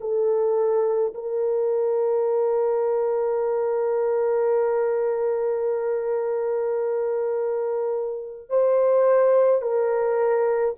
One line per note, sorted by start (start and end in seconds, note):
0.00 1.13 A4
1.14 8.49 A#4
8.49 9.62 C5
9.62 10.75 A#4